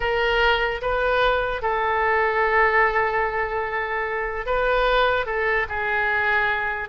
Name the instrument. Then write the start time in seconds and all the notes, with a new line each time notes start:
oboe
0.00 A#4
0.81 B4
1.62 A4
4.46 B4
5.26 A4
5.68 G#4